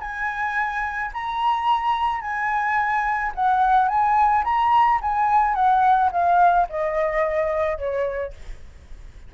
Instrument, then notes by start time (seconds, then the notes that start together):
flute
0.00 G#5
1.13 A#5
2.21 G#5
3.35 F#5
3.88 G#5
4.44 A#5
5.01 G#5
5.55 F#5
6.12 F5
6.69 D#5
7.78 C#5